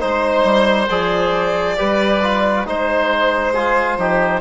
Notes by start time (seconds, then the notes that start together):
0.00 G#3 D#4 C5
0.44 G3
0.89 F3 G#4 D5
1.77 G3 G4 B4
2.23 F4
2.66 G#3 D#4 C5
3.54 F4 G#4
3.98 F3 D#4 G4